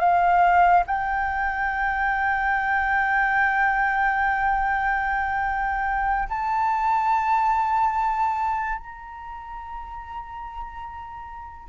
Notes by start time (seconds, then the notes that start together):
0.00 F5
0.87 G5
6.29 A5
8.78 A#5